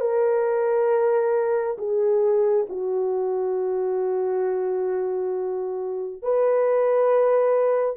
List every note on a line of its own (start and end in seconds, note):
0.00 1.76 A#4
1.78 2.66 G#4
2.69 6.22 F#4
6.22 7.96 B4